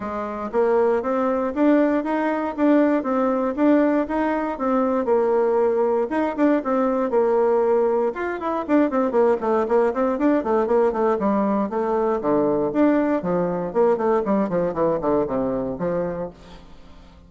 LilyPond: \new Staff \with { instrumentName = "bassoon" } { \time 4/4 \tempo 4 = 118 gis4 ais4 c'4 d'4 | dis'4 d'4 c'4 d'4 | dis'4 c'4 ais2 | dis'8 d'8 c'4 ais2 |
f'8 e'8 d'8 c'8 ais8 a8 ais8 c'8 | d'8 a8 ais8 a8 g4 a4 | d4 d'4 f4 ais8 a8 | g8 f8 e8 d8 c4 f4 | }